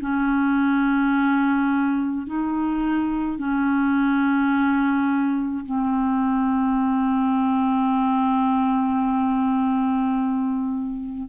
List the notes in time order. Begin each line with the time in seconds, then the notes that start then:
0.00 C#4
2.26 D#4
3.39 C#4
5.65 C4